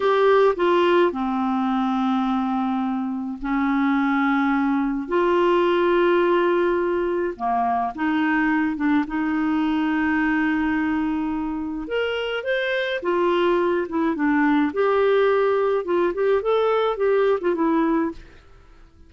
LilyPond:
\new Staff \with { instrumentName = "clarinet" } { \time 4/4 \tempo 4 = 106 g'4 f'4 c'2~ | c'2 cis'2~ | cis'4 f'2.~ | f'4 ais4 dis'4. d'8 |
dis'1~ | dis'4 ais'4 c''4 f'4~ | f'8 e'8 d'4 g'2 | f'8 g'8 a'4 g'8. f'16 e'4 | }